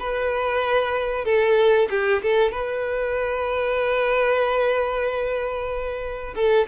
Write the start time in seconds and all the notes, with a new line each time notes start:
0.00 B4
1.25 A4
1.91 G4
2.23 A4
2.52 B4
6.36 A4